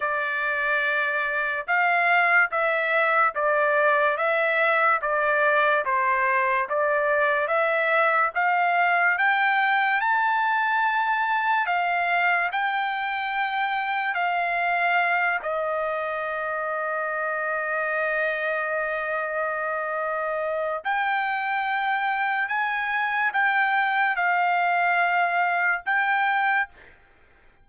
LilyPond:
\new Staff \with { instrumentName = "trumpet" } { \time 4/4 \tempo 4 = 72 d''2 f''4 e''4 | d''4 e''4 d''4 c''4 | d''4 e''4 f''4 g''4 | a''2 f''4 g''4~ |
g''4 f''4. dis''4.~ | dis''1~ | dis''4 g''2 gis''4 | g''4 f''2 g''4 | }